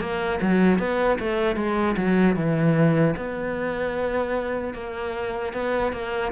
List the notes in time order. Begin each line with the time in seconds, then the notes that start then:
0.00 A#3
0.41 F#3
0.79 B3
1.19 A3
1.56 G#3
1.96 F#3
2.36 E3
3.16 B3
4.74 A#3
5.53 B3
5.92 A#3